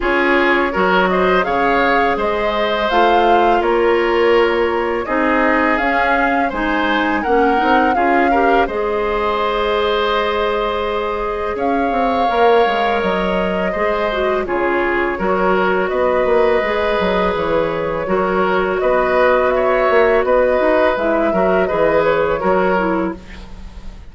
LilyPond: <<
  \new Staff \with { instrumentName = "flute" } { \time 4/4 \tempo 4 = 83 cis''4. dis''8 f''4 dis''4 | f''4 cis''2 dis''4 | f''4 gis''4 fis''4 f''4 | dis''1 |
f''2 dis''2 | cis''2 dis''2 | cis''2 dis''4 e''4 | dis''4 e''4 dis''8 cis''4. | }
  \new Staff \with { instrumentName = "oboe" } { \time 4/4 gis'4 ais'8 c''8 cis''4 c''4~ | c''4 ais'2 gis'4~ | gis'4 c''4 ais'4 gis'8 ais'8 | c''1 |
cis''2. c''4 | gis'4 ais'4 b'2~ | b'4 ais'4 b'4 cis''4 | b'4. ais'8 b'4 ais'4 | }
  \new Staff \with { instrumentName = "clarinet" } { \time 4/4 f'4 fis'4 gis'2 | f'2. dis'4 | cis'4 dis'4 cis'8 dis'8 f'8 g'8 | gis'1~ |
gis'4 ais'2 gis'8 fis'8 | f'4 fis'2 gis'4~ | gis'4 fis'2.~ | fis'4 e'8 fis'8 gis'4 fis'8 e'8 | }
  \new Staff \with { instrumentName = "bassoon" } { \time 4/4 cis'4 fis4 cis4 gis4 | a4 ais2 c'4 | cis'4 gis4 ais8 c'8 cis'4 | gis1 |
cis'8 c'8 ais8 gis8 fis4 gis4 | cis4 fis4 b8 ais8 gis8 fis8 | e4 fis4 b4. ais8 | b8 dis'8 gis8 fis8 e4 fis4 | }
>>